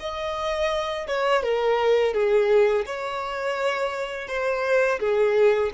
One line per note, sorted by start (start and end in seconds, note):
0.00 1.07 D#5
1.08 1.44 C#5
1.44 2.14 A#4
2.14 2.85 G#4
2.86 4.28 C#5
4.28 5.00 C5
5.00 5.71 G#4